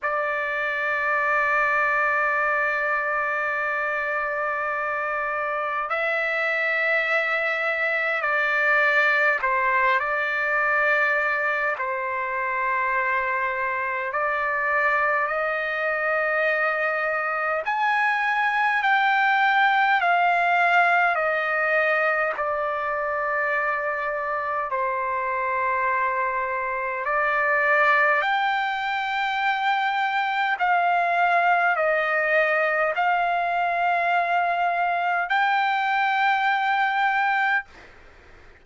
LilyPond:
\new Staff \with { instrumentName = "trumpet" } { \time 4/4 \tempo 4 = 51 d''1~ | d''4 e''2 d''4 | c''8 d''4. c''2 | d''4 dis''2 gis''4 |
g''4 f''4 dis''4 d''4~ | d''4 c''2 d''4 | g''2 f''4 dis''4 | f''2 g''2 | }